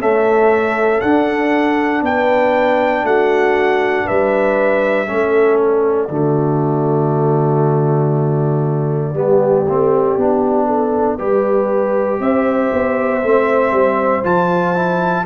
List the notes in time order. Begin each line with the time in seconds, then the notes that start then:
0.00 A3 C#4 A4 E5
1.01 D4 F#5
2.02 B3 B4 G5
3.04 A3 F#4 F#5
4.05 G3 B4 E5
5.07 A3 C#4 A4
5.58 D5
6.09 D3 A3 F#4
9.14 G3 B3 G4
9.67 A3 C4
10.17 B3 D4
10.67 A4
11.18 G3 G4 B4
12.20 C4 C5 E5
12.73 B3
13.22 A3 C4
13.71 G3
14.24 F3 F4 A5
14.74 E4